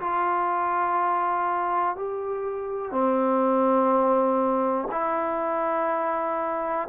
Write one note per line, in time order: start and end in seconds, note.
0.00 1.96 F4
1.96 2.92 G4
2.92 4.89 C4
4.92 6.89 E4